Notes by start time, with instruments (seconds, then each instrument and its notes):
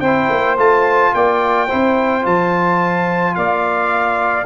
0.00 tuba C4, trombone E4, saxophone C5, trumpet G5
0.29 tuba A#3
0.57 tuba A3, trombone F4, trumpet A5
1.14 tuba A#3, saxophone D5, trumpet G5
1.66 trombone E4, saxophone C5
1.73 tuba C4
2.22 tuba F3, trombone F4, trumpet A5
3.35 tuba A#3, saxophone D5, trumpet F5